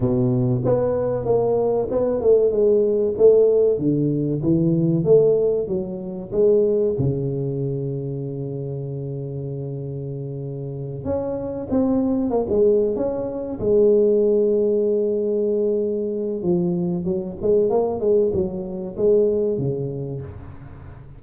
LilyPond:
\new Staff \with { instrumentName = "tuba" } { \time 4/4 \tempo 4 = 95 b,4 b4 ais4 b8 a8 | gis4 a4 d4 e4 | a4 fis4 gis4 cis4~ | cis1~ |
cis4. cis'4 c'4 ais16 gis16~ | gis8 cis'4 gis2~ gis8~ | gis2 f4 fis8 gis8 | ais8 gis8 fis4 gis4 cis4 | }